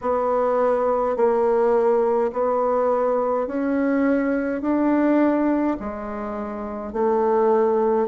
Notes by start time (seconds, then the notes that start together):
0.01 B3
1.16 A#3
2.32 B3
3.47 C#4
4.62 D4
5.79 G#3
6.92 A3